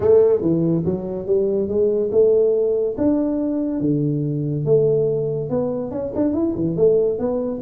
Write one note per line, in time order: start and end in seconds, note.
0.00 0.41 A3
0.41 0.83 E3
0.85 1.26 F#3
1.26 1.68 G3
1.68 2.10 G#3
2.11 2.96 A3
2.97 3.80 D4
3.80 4.65 D3
4.65 5.49 A3
5.49 5.91 B3
5.91 6.12 C#4
6.15 6.33 D4
6.33 6.54 E4
6.55 6.76 E3
6.76 7.18 A3
7.18 7.61 B3